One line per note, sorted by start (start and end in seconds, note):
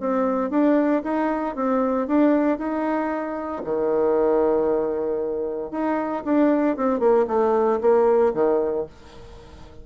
0.00 0.50 C4
0.50 1.02 D4
1.03 1.55 D#4
1.55 2.07 C4
2.07 2.58 D4
2.58 3.62 D#4
3.64 5.71 D#3
5.71 6.23 D#4
6.24 6.76 D4
6.76 6.99 C4
6.99 7.25 A#3
7.27 7.79 A3
7.81 8.33 A#3
8.34 8.86 D#3